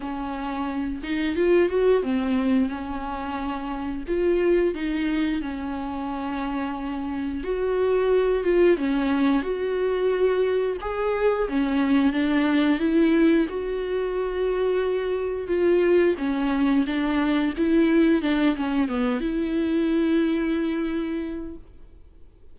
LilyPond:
\new Staff \with { instrumentName = "viola" } { \time 4/4 \tempo 4 = 89 cis'4. dis'8 f'8 fis'8 c'4 | cis'2 f'4 dis'4 | cis'2. fis'4~ | fis'8 f'8 cis'4 fis'2 |
gis'4 cis'4 d'4 e'4 | fis'2. f'4 | cis'4 d'4 e'4 d'8 cis'8 | b8 e'2.~ e'8 | }